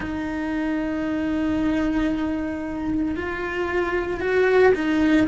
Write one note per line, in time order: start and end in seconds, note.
0.00 3.15 D#4
3.16 4.20 F4
4.20 4.73 F#4
4.74 5.27 D#4